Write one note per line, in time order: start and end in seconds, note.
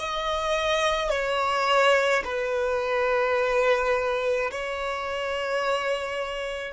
0.00 1.10 D#5
1.10 2.23 C#5
2.24 4.51 B4
4.51 6.74 C#5